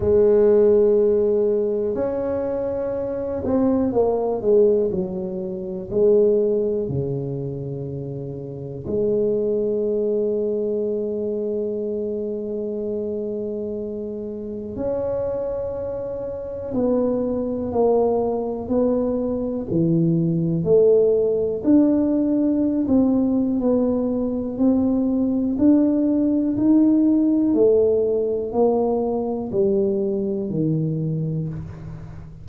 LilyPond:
\new Staff \with { instrumentName = "tuba" } { \time 4/4 \tempo 4 = 61 gis2 cis'4. c'8 | ais8 gis8 fis4 gis4 cis4~ | cis4 gis2.~ | gis2. cis'4~ |
cis'4 b4 ais4 b4 | e4 a4 d'4~ d'16 c'8. | b4 c'4 d'4 dis'4 | a4 ais4 g4 dis4 | }